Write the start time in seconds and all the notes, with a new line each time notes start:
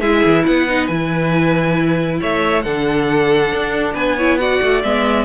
0.00 G#3 E4 G#4 E5
0.25 E3
0.45 B3 B4 F#5
0.69 D#4
0.87 E3 E4 G#5
2.20 A3 C#5 E5
2.62 D3 D4 A4 F#5
3.52 D4
3.94 B3 B4 G#5
4.16 E4 C#5
4.38 F#4 D5 F#5
4.62 A3
4.83 G#3 B3 E5